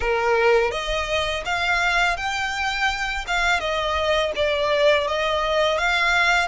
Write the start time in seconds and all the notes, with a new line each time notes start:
0.00 A#4
0.71 D#5
1.45 F5
2.16 G5
3.27 F5
3.59 D#5
4.35 D5
5.07 D#5
5.77 F5